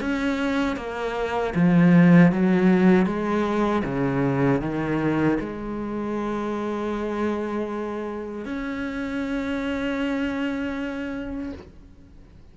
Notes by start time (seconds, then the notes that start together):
0.00 C#4
0.76 A#3
1.55 F3
2.32 F#3
3.06 G#3
3.84 C#3
4.61 D#3
5.40 G#3
8.45 C#4